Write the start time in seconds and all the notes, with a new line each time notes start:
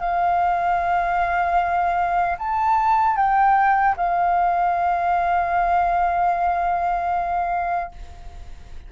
0.00 F5
2.39 A5
3.17 G5
3.97 F5